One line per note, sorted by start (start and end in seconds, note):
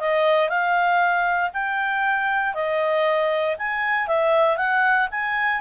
0.00 0.49 D#5
0.49 1.51 F5
1.54 2.54 G5
2.54 3.56 D#5
3.58 4.07 G#5
4.07 4.57 E5
4.57 5.08 F#5
5.11 5.61 G#5